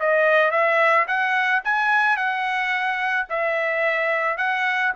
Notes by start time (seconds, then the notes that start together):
0.00 D#5
0.51 E5
1.07 F#5
1.64 G#5
2.17 F#5
3.29 E5
4.37 F#5